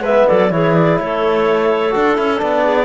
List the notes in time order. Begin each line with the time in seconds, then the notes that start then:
0.00 G#3 B3 B4 E5
0.27 F#3 A4 D5
0.49 E3 E4 G#4 C#5
0.74 D5
0.98 A3 A4 C#5
1.90 D4 F#4 A4
2.16 C#4 E4
2.37 B3 D4 D5
2.63 G#4